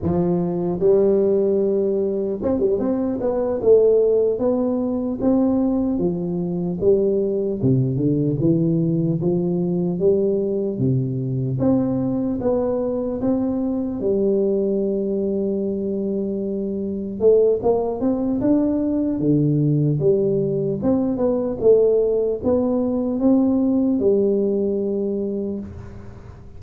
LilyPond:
\new Staff \with { instrumentName = "tuba" } { \time 4/4 \tempo 4 = 75 f4 g2 c'16 g16 c'8 | b8 a4 b4 c'4 f8~ | f8 g4 c8 d8 e4 f8~ | f8 g4 c4 c'4 b8~ |
b8 c'4 g2~ g8~ | g4. a8 ais8 c'8 d'4 | d4 g4 c'8 b8 a4 | b4 c'4 g2 | }